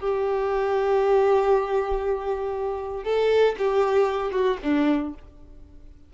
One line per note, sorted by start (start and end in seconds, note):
0.00 3.04 G4
3.04 3.56 A4
3.59 4.32 G4
4.32 4.58 F#4
4.63 5.14 D4